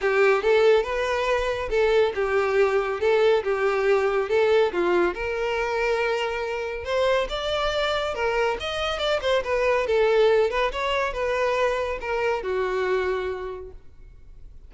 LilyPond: \new Staff \with { instrumentName = "violin" } { \time 4/4 \tempo 4 = 140 g'4 a'4 b'2 | a'4 g'2 a'4 | g'2 a'4 f'4 | ais'1 |
c''4 d''2 ais'4 | dis''4 d''8 c''8 b'4 a'4~ | a'8 b'8 cis''4 b'2 | ais'4 fis'2. | }